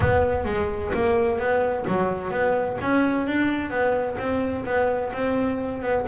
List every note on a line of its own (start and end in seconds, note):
0.00 0.45 B3
0.45 0.91 G#3
0.93 1.38 A#3
1.38 1.85 B3
1.87 2.30 F#3
2.30 2.77 B3
2.81 3.26 C#4
3.26 3.70 D4
3.70 4.16 B3
4.18 4.64 C4
4.65 5.11 B3
5.12 5.82 C4
5.82 6.05 B3